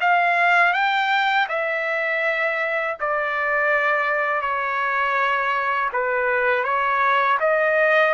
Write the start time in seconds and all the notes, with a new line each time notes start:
0.00 F5
0.73 G5
1.48 E5
3.00 D5
4.41 C#5
5.93 B4
6.64 C#5
7.40 D#5